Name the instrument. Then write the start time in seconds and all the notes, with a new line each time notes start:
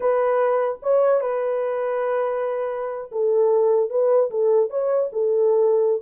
horn
0.00 B4
0.82 C#5
1.20 B4
3.11 A4
3.90 B4
4.30 A4
4.70 C#5
5.12 A4